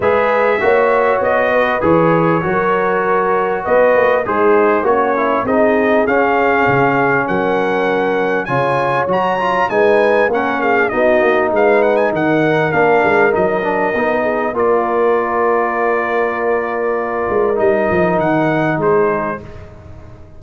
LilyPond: <<
  \new Staff \with { instrumentName = "trumpet" } { \time 4/4 \tempo 4 = 99 e''2 dis''4 cis''4~ | cis''2 dis''4 c''4 | cis''4 dis''4 f''2 | fis''2 gis''4 ais''4 |
gis''4 fis''8 f''8 dis''4 f''8 fis''16 gis''16 | fis''4 f''4 dis''2 | d''1~ | d''4 dis''4 fis''4 c''4 | }
  \new Staff \with { instrumentName = "horn" } { \time 4/4 b'4 cis''4. b'4. | ais'2 b'4 dis'4 | cis'4 gis'2. | ais'2 cis''2 |
b'4 ais'8 gis'8 fis'4 b'4 | ais'2.~ ais'8 gis'8 | ais'1~ | ais'2. gis'4 | }
  \new Staff \with { instrumentName = "trombone" } { \time 4/4 gis'4 fis'2 gis'4 | fis'2. gis'4 | fis'8 e'8 dis'4 cis'2~ | cis'2 f'4 fis'8 f'8 |
dis'4 cis'4 dis'2~ | dis'4 d'4 dis'8 d'8 dis'4 | f'1~ | f'4 dis'2. | }
  \new Staff \with { instrumentName = "tuba" } { \time 4/4 gis4 ais4 b4 e4 | fis2 b8 ais8 gis4 | ais4 c'4 cis'4 cis4 | fis2 cis4 fis4 |
gis4 ais4 b8 ais8 gis4 | dis4 ais8 gis8 fis4 b4 | ais1~ | ais8 gis8 g8 f8 dis4 gis4 | }
>>